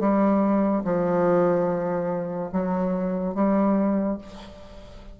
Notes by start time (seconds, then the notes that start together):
0.00 G3
0.84 F3
2.52 F#3
3.35 G3